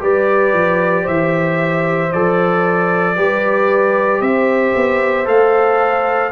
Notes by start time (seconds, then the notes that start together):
0.00 G3 G4 B4 D5
0.53 F3
1.04 E3 C5 E5
2.12 F3 A4 D5
3.16 G3 G4 B4
4.21 C4 C5 E5
4.76 B3
5.25 A3 A4 F5